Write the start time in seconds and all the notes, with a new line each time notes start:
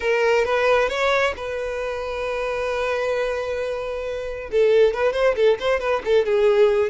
0.00 A#4
0.45 B4
0.88 C#5
1.36 B4
4.51 A4
4.93 B4
5.12 C5
5.35 A4
5.59 C5
5.80 B4
6.04 A4
6.25 G#4